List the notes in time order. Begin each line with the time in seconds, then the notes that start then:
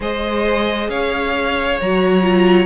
0.00 G#3 G#4 C5 D#5
0.88 C#4 C#5 F5
1.81 F#3 F#4 A#5
2.23 F4